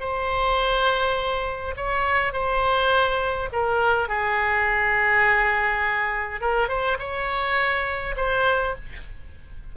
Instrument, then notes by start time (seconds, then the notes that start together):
oboe
0.00 C5
1.76 C#5
2.33 C5
3.52 A#4
4.08 G#4
6.41 A#4
6.68 C5
6.98 C#5
8.16 C5